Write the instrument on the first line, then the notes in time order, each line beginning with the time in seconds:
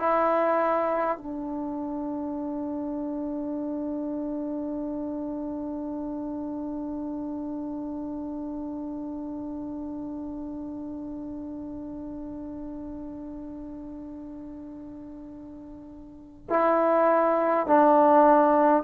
trombone
0.00 E4
1.18 D4
16.50 E4
17.67 D4